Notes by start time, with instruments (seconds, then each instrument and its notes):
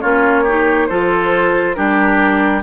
0.00 bassoon A#3, clarinet C#4, oboe F4, flute C#5
0.43 clarinet D#4, oboe G4
0.87 bassoon F3, clarinet F4, oboe A4, flute C5
1.74 bassoon G3, clarinet D4, oboe G4, flute A#4